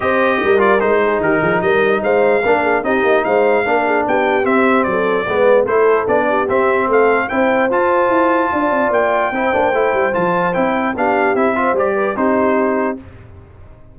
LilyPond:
<<
  \new Staff \with { instrumentName = "trumpet" } { \time 4/4 \tempo 4 = 148 dis''4. d''8 c''4 ais'4 | dis''4 f''2 dis''4 | f''2 g''4 e''4 | d''2 c''4 d''4 |
e''4 f''4 g''4 a''4~ | a''2 g''2~ | g''4 a''4 g''4 f''4 | e''4 d''4 c''2 | }
  \new Staff \with { instrumentName = "horn" } { \time 4/4 c''4 ais'4. gis'8 g'8 gis'8 | ais'4 c''4 ais'8 gis'8 g'4 | c''4 ais'8 gis'8 g'2 | a'4 b'4 a'4. g'8~ |
g'4 a'4 c''2~ | c''4 d''2 c''4~ | c''2. g'4~ | g'8 c''4 b'8 g'2 | }
  \new Staff \with { instrumentName = "trombone" } { \time 4/4 g'4. f'8 dis'2~ | dis'2 d'4 dis'4~ | dis'4 d'2 c'4~ | c'4 b4 e'4 d'4 |
c'2 e'4 f'4~ | f'2. e'8 d'8 | e'4 f'4 e'4 d'4 | e'8 f'8 g'4 dis'2 | }
  \new Staff \with { instrumentName = "tuba" } { \time 4/4 c'4 g4 gis4 dis8 f8 | g4 gis4 ais4 c'8 ais8 | gis4 ais4 b4 c'4 | fis4 gis4 a4 b4 |
c'4 a4 c'4 f'4 | e'4 d'8 c'8 ais4 c'8 ais8 | a8 g8 f4 c'4 b4 | c'4 g4 c'2 | }
>>